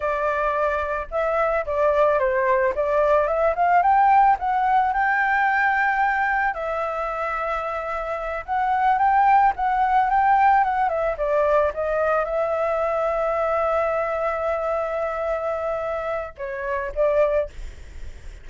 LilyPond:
\new Staff \with { instrumentName = "flute" } { \time 4/4 \tempo 4 = 110 d''2 e''4 d''4 | c''4 d''4 e''8 f''8 g''4 | fis''4 g''2. | e''2.~ e''8 fis''8~ |
fis''8 g''4 fis''4 g''4 fis''8 | e''8 d''4 dis''4 e''4.~ | e''1~ | e''2 cis''4 d''4 | }